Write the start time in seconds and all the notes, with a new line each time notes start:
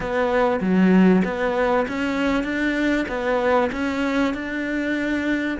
0.00 B3
0.60 F#3
1.24 B3
1.88 C#4
2.43 D4
3.08 B3
3.72 C#4
4.34 D4